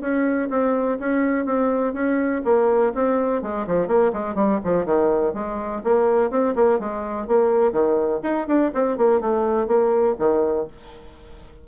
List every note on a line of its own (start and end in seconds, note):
0.00 0.48 C#4
0.49 0.98 C4
0.99 1.45 C#4
1.45 1.93 C4
1.93 2.41 C#4
2.44 2.93 A#3
2.94 3.42 C4
3.42 3.66 G#3
3.67 3.87 F3
3.87 4.11 A#3
4.13 4.35 G#3
4.35 4.59 G3
4.64 4.85 F3
4.85 5.33 D#3
5.33 5.82 G#3
5.84 6.30 A#3
6.30 6.54 C4
6.55 6.79 A#3
6.79 7.27 G#3
7.27 7.72 A#3
7.72 8.20 D#3
8.23 8.47 D#4
8.47 8.71 D4
8.74 8.97 C4
8.97 9.20 A#3
9.20 9.67 A3
9.67 10.15 A#3
10.19 10.67 D#3